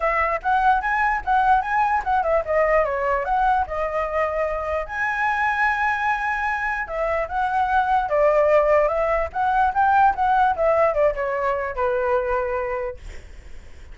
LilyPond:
\new Staff \with { instrumentName = "flute" } { \time 4/4 \tempo 4 = 148 e''4 fis''4 gis''4 fis''4 | gis''4 fis''8 e''8 dis''4 cis''4 | fis''4 dis''2. | gis''1~ |
gis''4 e''4 fis''2 | d''2 e''4 fis''4 | g''4 fis''4 e''4 d''8 cis''8~ | cis''4 b'2. | }